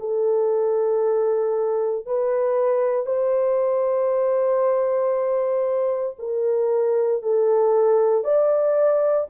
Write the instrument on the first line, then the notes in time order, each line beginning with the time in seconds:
horn
0.00 A4
2.06 B4
3.06 C5
6.19 A#4
7.22 A4
8.24 D5